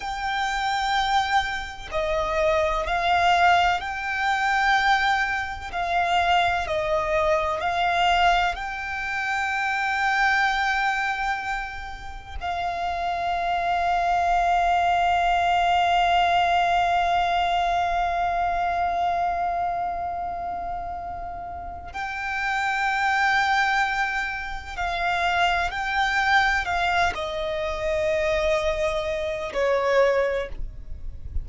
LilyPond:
\new Staff \with { instrumentName = "violin" } { \time 4/4 \tempo 4 = 63 g''2 dis''4 f''4 | g''2 f''4 dis''4 | f''4 g''2.~ | g''4 f''2.~ |
f''1~ | f''2. g''4~ | g''2 f''4 g''4 | f''8 dis''2~ dis''8 cis''4 | }